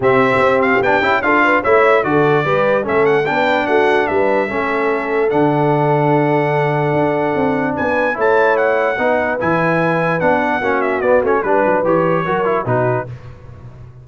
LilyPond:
<<
  \new Staff \with { instrumentName = "trumpet" } { \time 4/4 \tempo 4 = 147 e''4. f''8 g''4 f''4 | e''4 d''2 e''8 fis''8 | g''4 fis''4 e''2~ | e''4 fis''2.~ |
fis''2. gis''4 | a''4 fis''2 gis''4~ | gis''4 fis''4. e''8 d''8 cis''8 | b'4 cis''2 b'4 | }
  \new Staff \with { instrumentName = "horn" } { \time 4/4 g'2. a'8 b'8 | cis''4 a'4 b'4 a'4 | b'4 fis'4 b'4 a'4~ | a'1~ |
a'2. b'4 | cis''2 b'2~ | b'2 fis'2 | b'2 ais'4 fis'4 | }
  \new Staff \with { instrumentName = "trombone" } { \time 4/4 c'2 d'8 e'8 f'4 | e'4 fis'4 g'4 cis'4 | d'2. cis'4~ | cis'4 d'2.~ |
d'1 | e'2 dis'4 e'4~ | e'4 d'4 cis'4 b8 cis'8 | d'4 g'4 fis'8 e'8 dis'4 | }
  \new Staff \with { instrumentName = "tuba" } { \time 4/4 c4 c'4 b8 cis'8 d'4 | a4 d4 g4 a4 | b4 a4 g4 a4~ | a4 d2.~ |
d4 d'4 c'4 b4 | a2 b4 e4~ | e4 b4 ais4 b8 a8 | g8 fis8 e4 fis4 b,4 | }
>>